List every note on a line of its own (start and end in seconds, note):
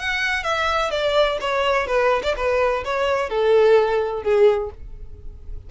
0.00 0.44 F#5
0.44 0.91 E5
0.91 1.39 D5
1.41 1.87 C#5
1.87 2.23 B4
2.24 2.35 D5
2.37 2.84 B4
2.85 3.30 C#5
3.30 4.23 A4
4.23 4.71 G#4